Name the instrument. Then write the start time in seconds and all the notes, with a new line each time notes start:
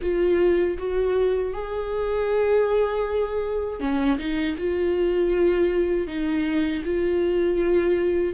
viola
0.01 F4
0.78 F#4
1.53 G#4
3.79 C#4
4.18 D#4
4.57 F4
6.07 D#4
6.84 F4